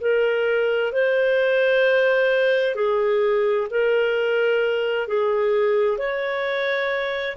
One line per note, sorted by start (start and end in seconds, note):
0.00 0.92 A#4
0.92 2.75 C5
2.75 3.67 G#4
3.70 5.07 A#4
5.07 5.98 G#4
5.98 7.36 C#5